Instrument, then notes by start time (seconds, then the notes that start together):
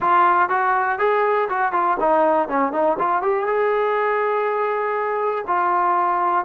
trombone
0.00 F4
0.49 F#4
0.98 G#4
1.49 F#4
1.72 F4
2.00 D#4
2.48 C#4
2.72 D#4
2.99 F4
3.22 G4
3.46 G#4
5.47 F4